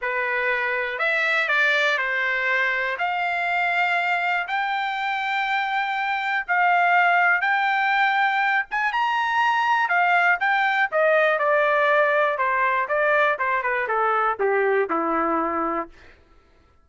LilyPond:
\new Staff \with { instrumentName = "trumpet" } { \time 4/4 \tempo 4 = 121 b'2 e''4 d''4 | c''2 f''2~ | f''4 g''2.~ | g''4 f''2 g''4~ |
g''4. gis''8 ais''2 | f''4 g''4 dis''4 d''4~ | d''4 c''4 d''4 c''8 b'8 | a'4 g'4 e'2 | }